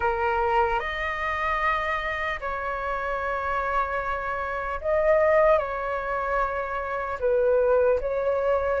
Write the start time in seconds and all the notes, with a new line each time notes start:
0.00 A#4
0.79 D#5
2.40 C#5
4.80 D#5
5.58 C#5
7.19 B4
8.00 C#5